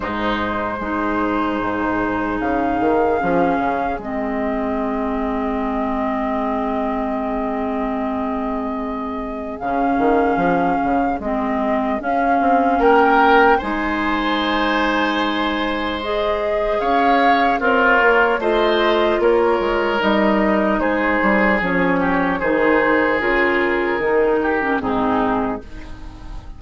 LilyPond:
<<
  \new Staff \with { instrumentName = "flute" } { \time 4/4 \tempo 4 = 75 c''2. f''4~ | f''4 dis''2.~ | dis''1 | f''2 dis''4 f''4 |
g''4 gis''2. | dis''4 f''4 cis''4 dis''4 | cis''4 dis''4 c''4 cis''4 | c''4 ais'2 gis'4 | }
  \new Staff \with { instrumentName = "oboe" } { \time 4/4 dis'4 gis'2.~ | gis'1~ | gis'1~ | gis'1 |
ais'4 c''2.~ | c''4 cis''4 f'4 c''4 | ais'2 gis'4. g'8 | gis'2~ gis'8 g'8 dis'4 | }
  \new Staff \with { instrumentName = "clarinet" } { \time 4/4 gis4 dis'2. | cis'4 c'2.~ | c'1 | cis'2 c'4 cis'4~ |
cis'4 dis'2. | gis'2 ais'4 f'4~ | f'4 dis'2 cis'4 | dis'4 f'4 dis'8. cis'16 c'4 | }
  \new Staff \with { instrumentName = "bassoon" } { \time 4/4 gis,4 gis4 gis,4 cis8 dis8 | f8 cis8 gis2.~ | gis1 | cis8 dis8 f8 cis8 gis4 cis'8 c'8 |
ais4 gis2.~ | gis4 cis'4 c'8 ais8 a4 | ais8 gis8 g4 gis8 g8 f4 | dis4 cis4 dis4 gis,4 | }
>>